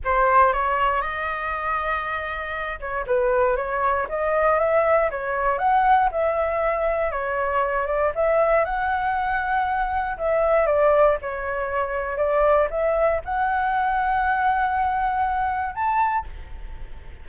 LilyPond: \new Staff \with { instrumentName = "flute" } { \time 4/4 \tempo 4 = 118 c''4 cis''4 dis''2~ | dis''4. cis''8 b'4 cis''4 | dis''4 e''4 cis''4 fis''4 | e''2 cis''4. d''8 |
e''4 fis''2. | e''4 d''4 cis''2 | d''4 e''4 fis''2~ | fis''2. a''4 | }